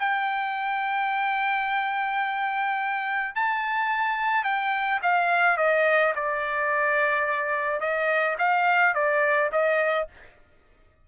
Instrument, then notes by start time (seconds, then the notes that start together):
trumpet
0.00 G5
3.36 A5
4.45 G5
5.03 F5
5.58 D#5
6.16 D5
7.81 D#5
8.39 F5
8.95 D5
9.53 D#5